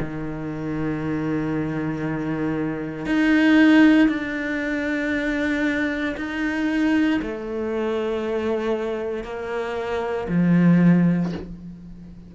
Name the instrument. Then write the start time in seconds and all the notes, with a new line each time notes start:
cello
0.00 D#3
3.06 D#4
4.09 D4
6.17 D#4
7.22 A3
9.24 A#3
10.28 F3